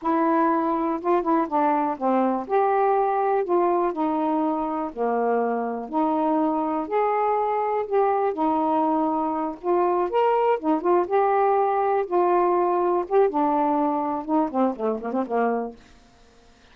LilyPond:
\new Staff \with { instrumentName = "saxophone" } { \time 4/4 \tempo 4 = 122 e'2 f'8 e'8 d'4 | c'4 g'2 f'4 | dis'2 ais2 | dis'2 gis'2 |
g'4 dis'2~ dis'8 f'8~ | f'8 ais'4 dis'8 f'8 g'4.~ | g'8 f'2 g'8 d'4~ | d'4 dis'8 c'8 a8 ais16 c'16 ais4 | }